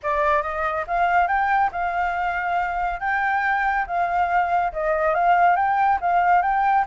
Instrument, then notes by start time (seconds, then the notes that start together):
flute
0.02 D5
0.42 D#5
0.87 F5
1.27 G5
1.71 F5
3.00 G5
3.86 F5
4.72 D#5
5.14 F5
5.56 G5
6.01 F5
6.41 G5